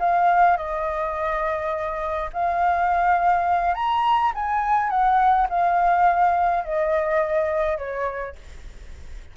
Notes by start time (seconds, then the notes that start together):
0.00 F5
0.57 D#5
2.33 F5
3.75 A#5
4.35 G#5
4.90 F#5
5.50 F5
6.65 D#5
7.78 C#5